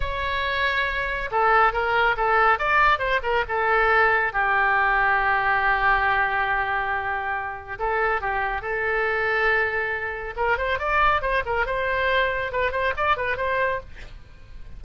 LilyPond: \new Staff \with { instrumentName = "oboe" } { \time 4/4 \tempo 4 = 139 cis''2. a'4 | ais'4 a'4 d''4 c''8 ais'8 | a'2 g'2~ | g'1~ |
g'2 a'4 g'4 | a'1 | ais'8 c''8 d''4 c''8 ais'8 c''4~ | c''4 b'8 c''8 d''8 b'8 c''4 | }